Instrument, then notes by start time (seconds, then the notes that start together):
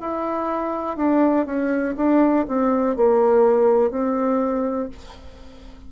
bassoon
0.00 E4
0.97 D4
1.46 C#4
1.96 D4
2.48 C4
2.96 A#3
3.91 C4